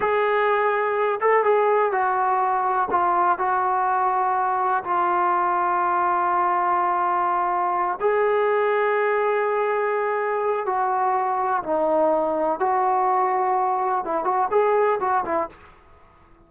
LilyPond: \new Staff \with { instrumentName = "trombone" } { \time 4/4 \tempo 4 = 124 gis'2~ gis'8 a'8 gis'4 | fis'2 f'4 fis'4~ | fis'2 f'2~ | f'1~ |
f'8 gis'2.~ gis'8~ | gis'2 fis'2 | dis'2 fis'2~ | fis'4 e'8 fis'8 gis'4 fis'8 e'8 | }